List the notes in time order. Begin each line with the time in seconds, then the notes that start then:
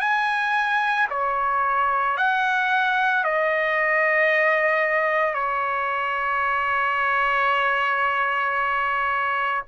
0.00 G#5
1.10 C#5
2.17 F#5
3.24 D#5
5.34 C#5